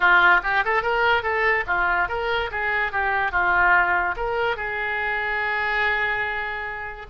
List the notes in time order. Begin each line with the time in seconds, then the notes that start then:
0.00 F4
0.43 G4
0.64 A4
0.82 A#4
1.23 A4
1.67 F4
2.08 A#4
2.51 G#4
2.92 G4
3.31 F4
4.16 A#4
4.56 G#4